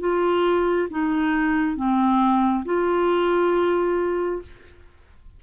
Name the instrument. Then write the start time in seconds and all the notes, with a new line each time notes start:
clarinet
0.00 F4
0.91 D#4
1.76 C4
2.66 F4